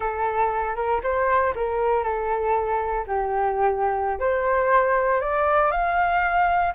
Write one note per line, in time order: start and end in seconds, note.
0.00 0.75 A4
0.75 1.01 A#4
1.03 1.54 C5
1.55 2.03 A#4
2.03 3.05 A4
3.06 4.19 G4
4.19 5.20 C5
5.20 5.71 D5
5.71 6.73 F5